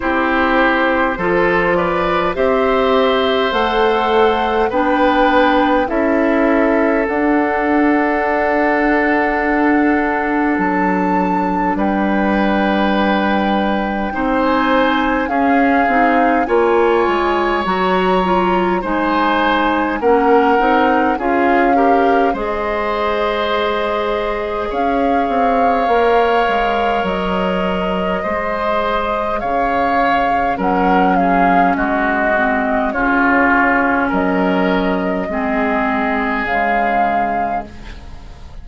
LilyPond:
<<
  \new Staff \with { instrumentName = "flute" } { \time 4/4 \tempo 4 = 51 c''4. d''8 e''4 fis''4 | g''4 e''4 fis''2~ | fis''4 a''4 g''2~ | g''16 gis''8. f''4 gis''4 ais''4 |
gis''4 fis''4 f''4 dis''4~ | dis''4 f''2 dis''4~ | dis''4 f''4 fis''8 f''8 dis''4 | cis''4 dis''2 f''4 | }
  \new Staff \with { instrumentName = "oboe" } { \time 4/4 g'4 a'8 b'8 c''2 | b'4 a'2.~ | a'2 b'2 | c''4 gis'4 cis''2 |
c''4 ais'4 gis'8 ais'8 c''4~ | c''4 cis''2. | c''4 cis''4 ais'8 gis'8 fis'4 | f'4 ais'4 gis'2 | }
  \new Staff \with { instrumentName = "clarinet" } { \time 4/4 e'4 f'4 g'4 a'4 | d'4 e'4 d'2~ | d'1 | dis'4 cis'8 dis'8 f'4 fis'8 f'8 |
dis'4 cis'8 dis'8 f'8 g'8 gis'4~ | gis'2 ais'2 | gis'2 cis'4. c'8 | cis'2 c'4 gis4 | }
  \new Staff \with { instrumentName = "bassoon" } { \time 4/4 c'4 f4 c'4 a4 | b4 cis'4 d'2~ | d'4 fis4 g2 | c'4 cis'8 c'8 ais8 gis8 fis4 |
gis4 ais8 c'8 cis'4 gis4~ | gis4 cis'8 c'8 ais8 gis8 fis4 | gis4 cis4 fis4 gis4 | cis4 fis4 gis4 cis4 | }
>>